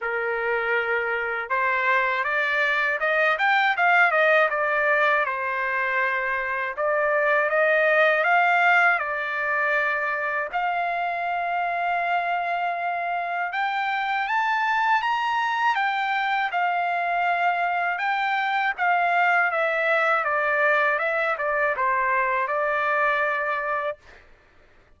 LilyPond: \new Staff \with { instrumentName = "trumpet" } { \time 4/4 \tempo 4 = 80 ais'2 c''4 d''4 | dis''8 g''8 f''8 dis''8 d''4 c''4~ | c''4 d''4 dis''4 f''4 | d''2 f''2~ |
f''2 g''4 a''4 | ais''4 g''4 f''2 | g''4 f''4 e''4 d''4 | e''8 d''8 c''4 d''2 | }